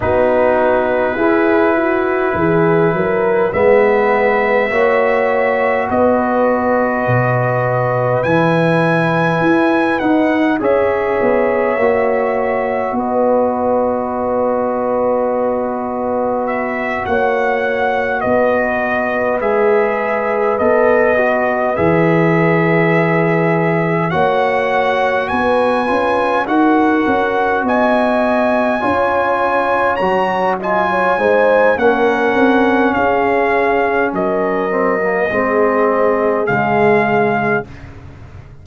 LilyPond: <<
  \new Staff \with { instrumentName = "trumpet" } { \time 4/4 \tempo 4 = 51 b'2. e''4~ | e''4 dis''2 gis''4~ | gis''8 fis''8 e''2 dis''4~ | dis''2 e''8 fis''4 dis''8~ |
dis''8 e''4 dis''4 e''4.~ | e''8 fis''4 gis''4 fis''4 gis''8~ | gis''4. ais''8 gis''4 fis''4 | f''4 dis''2 f''4 | }
  \new Staff \with { instrumentName = "horn" } { \time 4/4 fis'4 gis'8 fis'8 gis'8 ais'8 b'4 | cis''4 b'2.~ | b'4 cis''2 b'4~ | b'2~ b'8 cis''4 b'8~ |
b'1~ | b'8 cis''4 b'4 ais'4 dis''8~ | dis''8 cis''4. dis''16 cis''16 c''8 ais'4 | gis'4 ais'4 gis'2 | }
  \new Staff \with { instrumentName = "trombone" } { \time 4/4 dis'4 e'2 b4 | fis'2. e'4~ | e'8 dis'8 gis'4 fis'2~ | fis'1~ |
fis'8 gis'4 a'8 fis'8 gis'4.~ | gis'8 fis'4. f'8 fis'4.~ | fis'8 f'4 fis'8 f'8 dis'8 cis'4~ | cis'4. c'16 ais16 c'4 gis4 | }
  \new Staff \with { instrumentName = "tuba" } { \time 4/4 b4 e'4 e8 fis8 gis4 | ais4 b4 b,4 e4 | e'8 dis'8 cis'8 b8 ais4 b4~ | b2~ b8 ais4 b8~ |
b8 gis4 b4 e4.~ | e8 ais4 b8 cis'8 dis'8 cis'8 b8~ | b8 cis'4 fis4 gis8 ais8 c'8 | cis'4 fis4 gis4 cis4 | }
>>